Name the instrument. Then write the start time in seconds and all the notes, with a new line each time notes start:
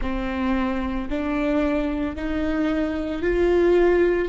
viola
0.01 C4
1.10 D4
2.15 D#4
3.21 F4